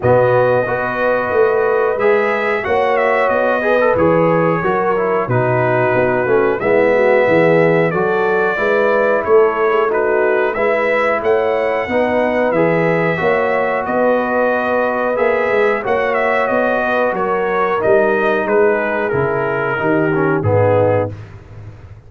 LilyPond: <<
  \new Staff \with { instrumentName = "trumpet" } { \time 4/4 \tempo 4 = 91 dis''2. e''4 | fis''8 e''8 dis''4 cis''2 | b'2 e''2 | d''2 cis''4 b'4 |
e''4 fis''2 e''4~ | e''4 dis''2 e''4 | fis''8 e''8 dis''4 cis''4 dis''4 | b'4 ais'2 gis'4 | }
  \new Staff \with { instrumentName = "horn" } { \time 4/4 fis'4 b'2. | cis''4. b'4. ais'4 | fis'2 e'8 fis'8 gis'4 | a'4 b'4 a'8. gis'16 fis'4 |
b'4 cis''4 b'2 | cis''4 b'2. | cis''4. b'8 ais'2 | gis'2 g'4 dis'4 | }
  \new Staff \with { instrumentName = "trombone" } { \time 4/4 b4 fis'2 gis'4 | fis'4. gis'16 a'16 gis'4 fis'8 e'8 | dis'4. cis'8 b2 | fis'4 e'2 dis'4 |
e'2 dis'4 gis'4 | fis'2. gis'4 | fis'2. dis'4~ | dis'4 e'4 dis'8 cis'8 b4 | }
  \new Staff \with { instrumentName = "tuba" } { \time 4/4 b,4 b4 a4 gis4 | ais4 b4 e4 fis4 | b,4 b8 a8 gis4 e4 | fis4 gis4 a2 |
gis4 a4 b4 e4 | ais4 b2 ais8 gis8 | ais4 b4 fis4 g4 | gis4 cis4 dis4 gis,4 | }
>>